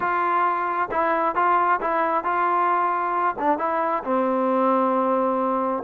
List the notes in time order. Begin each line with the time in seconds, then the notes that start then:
0.00 F4
0.91 E4
1.35 F4
1.80 E4
2.23 F4
3.38 D4
3.58 E4
4.04 C4